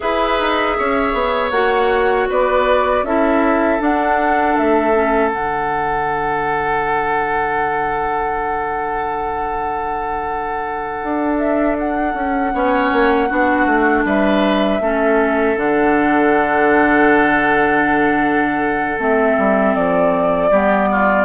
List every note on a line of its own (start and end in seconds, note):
0.00 0.39 E4
0.00 1.51 G#4
0.00 0.77 B4
0.00 1.50 E5
0.39 0.77 D#4
0.78 1.13 C#4
0.78 2.29 C#5
1.13 1.51 B3
1.50 2.27 A#3
1.50 3.04 F#4
1.50 2.26 F#5
2.29 3.03 B3
2.29 3.05 B4
2.29 3.05 D5
3.03 3.79 C#4
3.03 3.79 E4
3.03 12.54 A4
3.03 3.81 E5
3.79 4.93 D4
3.79 4.56 D4
3.79 4.57 F#5
4.57 5.33 A3
4.57 5.28 E5
4.94 5.30 C#4
5.28 11.02 D3
5.28 12.52 D4
5.28 11.35 F#5
11.02 12.14 D4
11.38 11.76 E5
11.78 14.06 F#5
12.14 12.52 C#4
12.53 12.91 B3
12.53 13.29 C#4
12.53 13.28 C#5
12.92 13.30 A#3
13.28 13.66 B3
13.28 14.81 D4
13.28 14.04 F#4
13.66 14.04 A3
14.05 14.80 G3
14.05 14.81 B4
14.05 15.57 E5
14.80 15.56 A3
14.80 15.56 C#4
14.80 20.50 A4
15.56 18.98 D3
15.56 18.98 D4
15.56 18.99 F#5
18.98 19.36 A3
18.98 20.50 C4
18.98 19.75 E5
19.37 19.75 G3
19.75 20.50 F3
19.75 21.25 D5
20.50 21.25 G3
20.50 21.25 B3
20.50 20.88 G4
20.91 21.25 F4